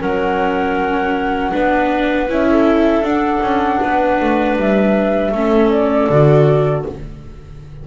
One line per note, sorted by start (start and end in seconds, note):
0.00 1.52 F#3
0.00 1.52 C#4
0.00 1.51 A#4
0.00 2.28 F#5
1.51 2.28 B3
1.51 2.28 D4
1.51 2.46 B4
2.28 3.01 C#4
2.28 3.04 E4
2.28 3.04 E5
2.49 3.79 A4
3.01 3.39 D4
3.01 5.33 D4
3.01 4.56 F#5
3.41 3.79 C#4
3.79 4.20 B3
3.79 5.31 B4
4.20 4.56 A3
4.56 5.31 G3
4.56 5.69 E5
5.31 6.07 A3
5.31 6.10 C#4
5.31 6.85 A4
5.69 6.83 D5
6.09 6.85 D3
6.09 6.87 F#4